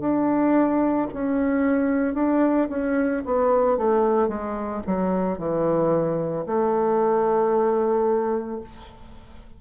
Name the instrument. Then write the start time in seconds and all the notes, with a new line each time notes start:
bassoon
0.00 D4
1.13 C#4
2.14 D4
2.69 C#4
3.25 B3
3.77 A3
4.28 G#3
4.86 F#3
5.38 E3
6.46 A3